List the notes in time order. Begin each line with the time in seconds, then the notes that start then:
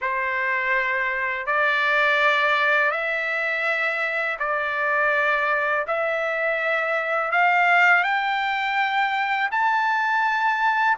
0.01 C5
1.46 D5
2.91 E5
4.39 D5
5.87 E5
7.31 F5
8.03 G5
9.51 A5